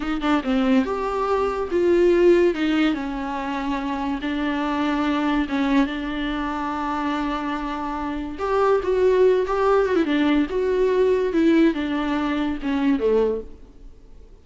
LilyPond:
\new Staff \with { instrumentName = "viola" } { \time 4/4 \tempo 4 = 143 dis'8 d'8 c'4 g'2 | f'2 dis'4 cis'4~ | cis'2 d'2~ | d'4 cis'4 d'2~ |
d'1 | g'4 fis'4. g'4 fis'16 e'16 | d'4 fis'2 e'4 | d'2 cis'4 a4 | }